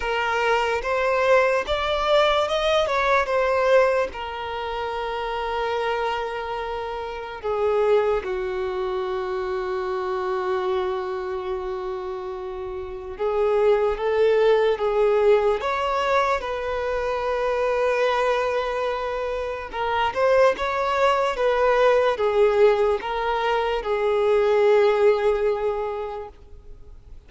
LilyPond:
\new Staff \with { instrumentName = "violin" } { \time 4/4 \tempo 4 = 73 ais'4 c''4 d''4 dis''8 cis''8 | c''4 ais'2.~ | ais'4 gis'4 fis'2~ | fis'1 |
gis'4 a'4 gis'4 cis''4 | b'1 | ais'8 c''8 cis''4 b'4 gis'4 | ais'4 gis'2. | }